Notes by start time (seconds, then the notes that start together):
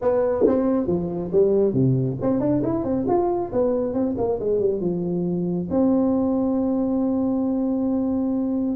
0.01 B3
0.46 C4
0.86 F3
1.31 G3
1.73 C3
2.21 C4
2.39 D4
2.63 E4
2.83 C4
3.08 F4
3.52 B3
3.93 C4
4.17 A#3
4.39 G#3
4.59 G3
4.80 F3
5.70 C4